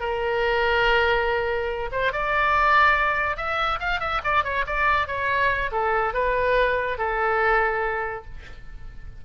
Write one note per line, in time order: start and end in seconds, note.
0.00 1.90 A#4
1.92 2.12 C5
2.12 3.37 D5
3.37 3.79 E5
3.80 4.00 F5
4.00 4.21 E5
4.24 4.44 D5
4.44 4.65 C#5
4.67 5.07 D5
5.07 5.71 C#5
5.72 6.14 A4
6.14 6.98 B4
6.98 8.25 A4